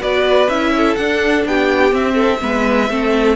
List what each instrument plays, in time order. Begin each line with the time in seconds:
0.00 cello B3, viola F#4, violin B4 D5
0.48 cello C#4, viola E4, violin E5
0.77 violin A4
0.95 cello D4, viola D4, violin F#5
1.46 cello B3, violin G4 G5
1.91 viola C4, cello C4, violin E5
2.14 violin A4
2.40 cello G#3, viola B3, violin B4
2.90 cello A3, viola C4, violin A4